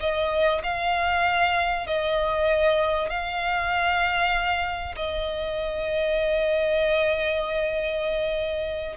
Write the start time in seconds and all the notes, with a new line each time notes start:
0.00 D#5
0.63 F5
1.87 D#5
3.10 F5
4.96 D#5